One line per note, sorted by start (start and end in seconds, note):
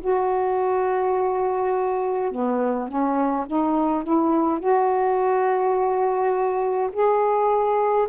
0.00 2.31 F#4
2.31 2.88 B3
2.88 3.46 C#4
3.46 4.03 D#4
4.03 4.59 E4
4.59 6.90 F#4
6.92 8.07 G#4